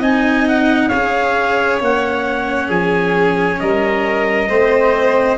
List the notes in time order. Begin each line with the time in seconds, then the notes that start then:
0.00 C4 D#4 D#5 G#5
0.48 F#5
0.89 C#4 G#4 C#5 F5
1.81 A#3 C#4 F#5
2.67 F3 G#4 G#5
3.60 G3 A#4 D#5
4.49 A3 C4 C5